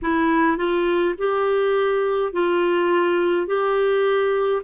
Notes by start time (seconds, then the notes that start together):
0.02 E4
0.57 F4
1.18 G4
2.32 F4
3.46 G4